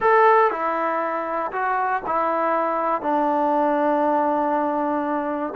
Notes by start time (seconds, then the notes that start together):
0.00 A4
0.50 E4
1.52 F#4
2.06 E4
3.01 D4